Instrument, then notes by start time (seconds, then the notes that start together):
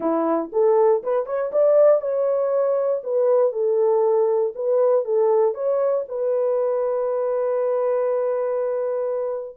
horn
0.00 E4
0.52 A4
1.03 B4
1.26 C#5
1.52 D5
2.01 C#5
3.03 B4
3.52 A4
4.55 B4
5.04 A4
5.54 C#5
6.08 B4